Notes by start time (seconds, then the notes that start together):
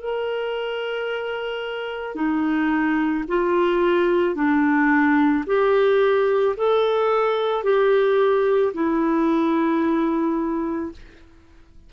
0.00 A#4
2.15 D#4
3.27 F4
4.35 D4
5.46 G4
6.57 A4
7.63 G4
8.73 E4